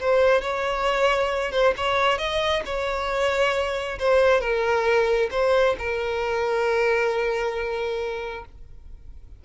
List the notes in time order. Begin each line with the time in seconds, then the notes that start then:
0.00 C5
0.41 C#5
1.52 C5
1.77 C#5
2.18 D#5
2.65 C#5
3.99 C5
4.40 A#4
5.31 C5
5.78 A#4